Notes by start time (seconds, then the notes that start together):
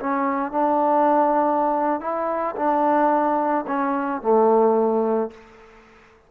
0.00 C#4
0.52 D4
2.01 E4
2.56 D4
3.67 C#4
4.22 A3